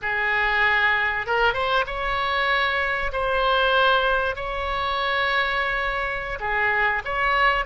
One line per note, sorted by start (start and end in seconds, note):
0.02 1.26 G#4
1.26 1.53 A#4
1.53 1.84 C5
1.86 3.11 C#5
3.12 4.35 C5
4.35 6.38 C#5
6.39 7.02 G#4
7.04 7.65 C#5